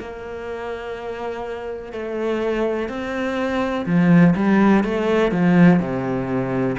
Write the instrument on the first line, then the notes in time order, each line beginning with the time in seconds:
cello
0.00 A#3
1.93 A3
2.89 C4
3.86 F3
4.35 G3
4.84 A3
5.32 F3
5.80 C3